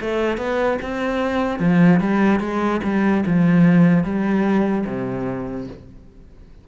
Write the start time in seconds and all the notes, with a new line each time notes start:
0.00 A3
0.37 B3
0.81 C4
1.59 F3
2.00 G3
2.40 G#3
2.83 G3
3.26 F3
4.04 G3
4.86 C3